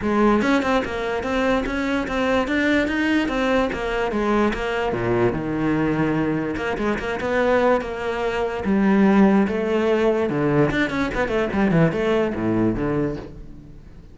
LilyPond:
\new Staff \with { instrumentName = "cello" } { \time 4/4 \tempo 4 = 146 gis4 cis'8 c'8 ais4 c'4 | cis'4 c'4 d'4 dis'4 | c'4 ais4 gis4 ais4 | ais,4 dis2. |
ais8 gis8 ais8 b4. ais4~ | ais4 g2 a4~ | a4 d4 d'8 cis'8 b8 a8 | g8 e8 a4 a,4 d4 | }